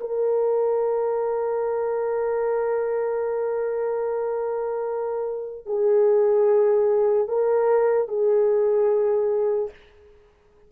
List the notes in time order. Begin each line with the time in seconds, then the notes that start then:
0.00 A#4
5.66 G#4
7.28 A#4
8.08 G#4